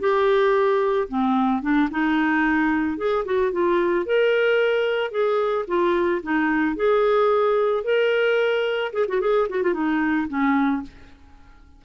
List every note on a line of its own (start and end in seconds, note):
0.00 1.08 G4
1.09 1.62 C4
1.62 1.89 D4
1.91 2.98 D#4
2.98 3.25 G#4
3.26 3.52 F#4
3.52 4.06 F4
4.06 5.11 A#4
5.11 5.65 G#4
5.68 6.22 F4
6.23 6.76 D#4
6.76 7.84 G#4
7.84 8.92 A#4
8.93 9.06 G#4
9.08 9.21 F#4
9.21 9.48 G#4
9.49 9.63 F#4
9.63 9.74 F4
9.74 10.28 D#4
10.29 10.83 C#4